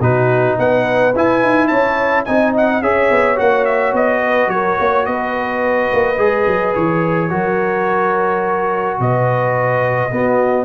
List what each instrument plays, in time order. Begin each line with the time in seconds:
0.00 tuba B2, trombone D#4, horn F#4, trumpet B4
0.59 tuba B3, horn B4, trumpet F#5
1.15 tuba E4, trombone E4, trumpet G#5
1.43 tuba D#4
1.67 tuba C#4, horn C#5, trumpet A5
2.25 tuba C4, trombone D#4, horn D#5, trumpet G#5
2.57 trumpet F#5
2.82 tuba C#4, trombone G#4, horn C#5, trumpet E5
3.11 tuba B3
3.36 tuba A#3, trombone F#4, trumpet F#5
3.65 trumpet E5
3.93 tuba B3, trumpet D#5
4.23 horn B4
4.47 tuba F#3, horn A#4, trumpet C#5
4.79 tuba A#3, horn C#5
5.06 tuba B3, horn B4, trumpet D#5
5.93 tuba A#3
6.18 tuba G#3, trombone G#4
6.47 tuba F#3
6.75 tuba E3, trumpet C#5
7.30 tuba F#3, trombone F#4, horn A#4
8.99 tuba B2, horn B4, trumpet D#5
10.11 trombone B3, tuba B3, horn F#4